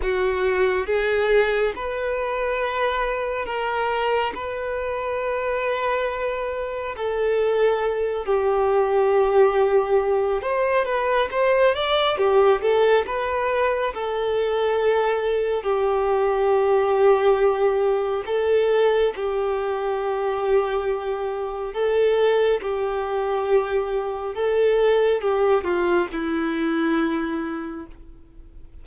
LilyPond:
\new Staff \with { instrumentName = "violin" } { \time 4/4 \tempo 4 = 69 fis'4 gis'4 b'2 | ais'4 b'2. | a'4. g'2~ g'8 | c''8 b'8 c''8 d''8 g'8 a'8 b'4 |
a'2 g'2~ | g'4 a'4 g'2~ | g'4 a'4 g'2 | a'4 g'8 f'8 e'2 | }